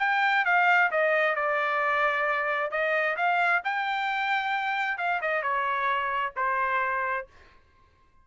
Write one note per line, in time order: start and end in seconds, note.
0.00 0.45 G5
0.46 0.91 F5
0.92 1.36 D#5
1.36 2.71 D5
2.71 3.17 D#5
3.17 3.63 F5
3.65 4.98 G5
4.98 5.21 F5
5.22 5.43 D#5
5.43 6.34 C#5
6.37 7.27 C5